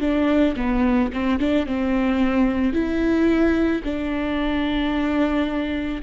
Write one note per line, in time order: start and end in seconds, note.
0.00 0.55 D4
0.56 1.11 B3
1.13 1.39 C4
1.39 1.66 D4
1.66 2.73 C4
2.73 3.82 E4
3.83 6.01 D4